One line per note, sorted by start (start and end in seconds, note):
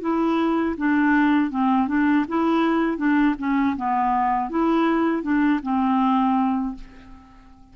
0.00 0.75 E4
0.77 1.50 D4
1.50 1.88 C4
1.88 2.25 D4
2.28 2.97 E4
2.97 3.34 D4
3.38 3.76 C#4
3.76 4.49 B3
4.49 5.22 E4
5.22 5.60 D4
5.62 6.75 C4